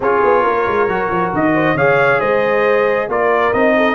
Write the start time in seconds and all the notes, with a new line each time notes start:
0.00 C#4 F4 G#4 C#5
0.24 B3
0.41 A#3 A#4
0.67 G#3
0.87 F#3 F#4
1.09 F3
1.33 D#3 D#5
1.53 C5
1.74 C#3 G#4 C#5 F5
2.19 G#3 C5 D#5
3.08 A#3 F4 A#4 D5
3.53 C4 D#4 D#5
3.76 A4